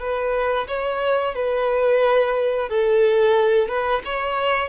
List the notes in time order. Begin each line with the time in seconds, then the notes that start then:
0.00 B4
0.68 C#5
1.35 B4
2.69 A4
3.69 B4
4.05 C#5